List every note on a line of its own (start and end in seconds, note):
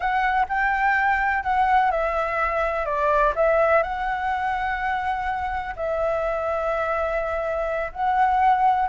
0.00 0.46 F#5
0.48 1.43 G5
1.43 1.91 F#5
1.91 2.85 E5
2.85 3.33 D5
3.35 3.82 E5
3.82 5.74 F#5
5.76 7.92 E5
7.92 8.88 F#5